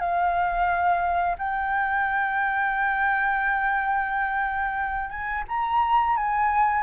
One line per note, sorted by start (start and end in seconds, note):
0.00 1.36 F5
1.39 5.10 G5
5.10 5.44 G#5
5.49 6.17 A#5
6.17 6.84 G#5